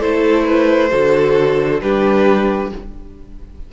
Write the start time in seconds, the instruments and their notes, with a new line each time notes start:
0.00 cello A3, viola E4, violin A4 C5
0.46 violin B4
0.92 cello D3, viola F#4, violin A4
1.82 cello G3, viola D4, violin G4 B4